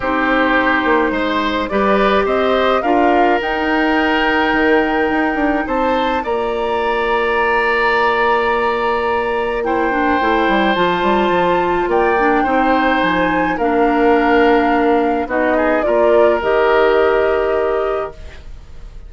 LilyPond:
<<
  \new Staff \with { instrumentName = "flute" } { \time 4/4 \tempo 4 = 106 c''2. d''4 | dis''4 f''4 g''2~ | g''2 a''4 ais''4~ | ais''1~ |
ais''4 g''2 a''4~ | a''4 g''2 gis''4 | f''2. dis''4 | d''4 dis''2. | }
  \new Staff \with { instrumentName = "oboe" } { \time 4/4 g'2 c''4 b'4 | c''4 ais'2.~ | ais'2 c''4 d''4~ | d''1~ |
d''4 c''2.~ | c''4 d''4 c''2 | ais'2. fis'8 gis'8 | ais'1 | }
  \new Staff \with { instrumentName = "clarinet" } { \time 4/4 dis'2. g'4~ | g'4 f'4 dis'2~ | dis'2. f'4~ | f'1~ |
f'4 e'8 d'8 e'4 f'4~ | f'4. d'8 dis'2 | d'2. dis'4 | f'4 g'2. | }
  \new Staff \with { instrumentName = "bassoon" } { \time 4/4 c'4. ais8 gis4 g4 | c'4 d'4 dis'2 | dis4 dis'8 d'8 c'4 ais4~ | ais1~ |
ais2 a8 g8 f8 g8 | f4 ais4 c'4 f4 | ais2. b4 | ais4 dis2. | }
>>